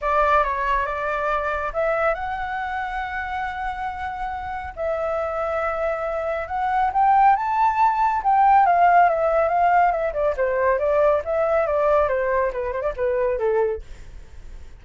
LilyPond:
\new Staff \with { instrumentName = "flute" } { \time 4/4 \tempo 4 = 139 d''4 cis''4 d''2 | e''4 fis''2.~ | fis''2. e''4~ | e''2. fis''4 |
g''4 a''2 g''4 | f''4 e''4 f''4 e''8 d''8 | c''4 d''4 e''4 d''4 | c''4 b'8 c''16 d''16 b'4 a'4 | }